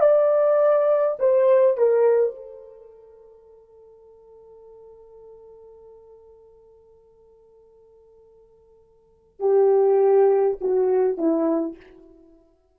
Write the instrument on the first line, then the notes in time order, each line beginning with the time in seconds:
horn
0.00 D5
1.19 C5
1.77 A#4
2.36 A4
9.40 G4
10.60 F#4
11.18 E4